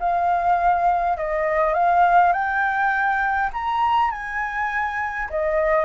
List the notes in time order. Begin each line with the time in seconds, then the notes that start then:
0.00 F5
1.17 D#5
1.74 F5
2.33 G5
3.53 A#5
4.11 G#5
5.30 D#5